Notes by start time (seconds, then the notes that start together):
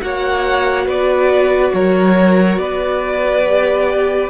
0.00 A#3 F#4 C#5 F#5
0.86 B3 B4 D5
1.74 F#3 A#4 C#5
2.58 B3 B4 D5
3.46 G4